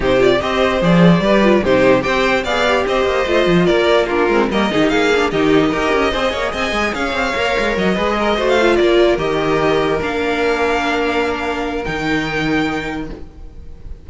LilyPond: <<
  \new Staff \with { instrumentName = "violin" } { \time 4/4 \tempo 4 = 147 c''8 d''8 dis''4 d''2 | c''4 g''4 f''4 dis''4~ | dis''4 d''4 ais'4 dis''4 | f''4 dis''2. |
gis''4 f''2 dis''4~ | dis''8. f''8. d''4 dis''4.~ | dis''8 f''2.~ f''8~ | f''4 g''2. | }
  \new Staff \with { instrumentName = "violin" } { \time 4/4 g'4 c''2 b'4 | g'4 c''4 d''4 c''4~ | c''4 ais'4 f'4 ais'8 gis'16 g'16 | gis'4 g'4 ais'4 c''8 cis''8 |
dis''4 cis''2~ cis''8 b'8 | ais'8 c''4 ais'2~ ais'8~ | ais'1~ | ais'1 | }
  \new Staff \with { instrumentName = "viola" } { \time 4/4 dis'8 f'8 g'4 gis'4 g'8 f'8 | dis'4 g'4 gis'8 g'4. | f'2 d'8 c'8 ais8 dis'8~ | dis'8 d'8 dis'4 g'4 gis'4~ |
gis'2 ais'4. gis'8~ | gis'8 fis'8 f'4. g'4.~ | g'8 d'2.~ d'8~ | d'4 dis'2. | }
  \new Staff \with { instrumentName = "cello" } { \time 4/4 c4 c'4 f4 g4 | c4 c'4 b4 c'8 ais8 | a8 f8 ais4. gis8 g8 dis8 | ais4 dis4 dis'8 cis'8 c'8 ais8 |
c'8 gis8 cis'8 c'8 ais8 gis8 fis8 gis8~ | gis8 a4 ais4 dis4.~ | dis8 ais2.~ ais8~ | ais4 dis2. | }
>>